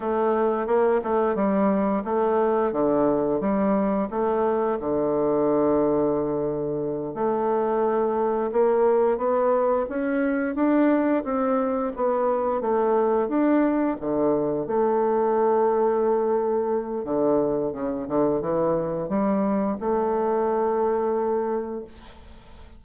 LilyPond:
\new Staff \with { instrumentName = "bassoon" } { \time 4/4 \tempo 4 = 88 a4 ais8 a8 g4 a4 | d4 g4 a4 d4~ | d2~ d8 a4.~ | a8 ais4 b4 cis'4 d'8~ |
d'8 c'4 b4 a4 d'8~ | d'8 d4 a2~ a8~ | a4 d4 cis8 d8 e4 | g4 a2. | }